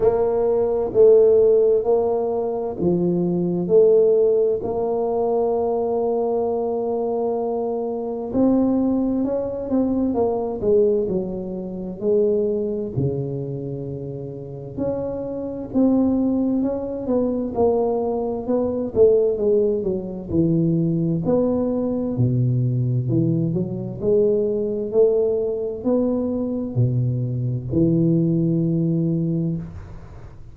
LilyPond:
\new Staff \with { instrumentName = "tuba" } { \time 4/4 \tempo 4 = 65 ais4 a4 ais4 f4 | a4 ais2.~ | ais4 c'4 cis'8 c'8 ais8 gis8 | fis4 gis4 cis2 |
cis'4 c'4 cis'8 b8 ais4 | b8 a8 gis8 fis8 e4 b4 | b,4 e8 fis8 gis4 a4 | b4 b,4 e2 | }